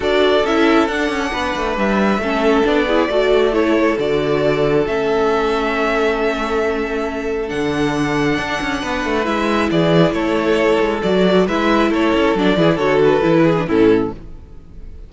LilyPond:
<<
  \new Staff \with { instrumentName = "violin" } { \time 4/4 \tempo 4 = 136 d''4 e''4 fis''2 | e''2 d''2 | cis''4 d''2 e''4~ | e''1~ |
e''4 fis''2.~ | fis''4 e''4 d''4 cis''4~ | cis''4 d''4 e''4 cis''4 | d''4 cis''8 b'4. a'4 | }
  \new Staff \with { instrumentName = "violin" } { \time 4/4 a'2. b'4~ | b'4 a'4. gis'8 a'4~ | a'1~ | a'1~ |
a'1 | b'2 gis'4 a'4~ | a'2 b'4 a'4~ | a'8 gis'8 a'4. gis'8 e'4 | }
  \new Staff \with { instrumentName = "viola" } { \time 4/4 fis'4 e'4 d'2~ | d'4 cis'4 d'8 e'8 fis'4 | e'4 fis'2 cis'4~ | cis'1~ |
cis'4 d'2.~ | d'4 e'2.~ | e'4 fis'4 e'2 | d'8 e'8 fis'4 e'8. d'16 cis'4 | }
  \new Staff \with { instrumentName = "cello" } { \time 4/4 d'4 cis'4 d'8 cis'8 b8 a8 | g4 a4 b4 a4~ | a4 d2 a4~ | a1~ |
a4 d2 d'8 cis'8 | b8 a8 gis4 e4 a4~ | a8 gis8 fis4 gis4 a8 cis'8 | fis8 e8 d4 e4 a,4 | }
>>